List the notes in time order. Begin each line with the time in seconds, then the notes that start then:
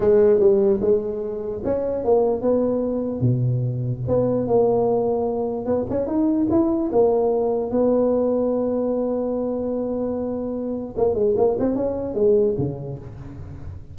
0.00 G#3
0.39 G3
0.81 G#3
1.64 C#4
2.04 A#3
2.41 B3
3.20 B2
4.07 B3
4.47 A#3
5.65 B3
5.90 C#4
6.06 D#4
6.50 E4
6.92 A#3
7.70 B3
10.97 A#3
11.14 G#3
11.36 A#3
11.59 C4
11.75 C#4
12.14 G#3
12.58 C#3